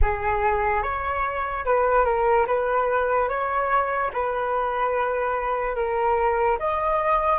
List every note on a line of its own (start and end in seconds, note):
0.01 0.82 G#4
0.82 1.64 C#5
1.65 2.04 B4
2.04 2.45 A#4
2.47 3.28 B4
3.28 4.11 C#5
4.13 5.75 B4
5.75 6.58 A#4
6.59 7.38 D#5